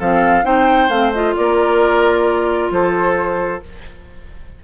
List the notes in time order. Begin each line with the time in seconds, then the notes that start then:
0.00 F3 C4 A4 F5
0.44 C4 D#4 C5 G5
0.89 A3 C4 F5
1.13 F4 D#5
1.36 A#3 A#4 D5
2.71 F3 A4 C5